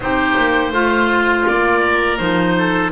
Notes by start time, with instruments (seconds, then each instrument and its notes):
0.00 double bass C4, clarinet D#4, oboe G4 C5
0.37 double bass A#3
0.71 double bass A3, oboe F4, clarinet F4
1.46 double bass A#3, oboe D5
1.80 oboe A#4
2.18 double bass F3, clarinet D#4, oboe C5
2.58 oboe A4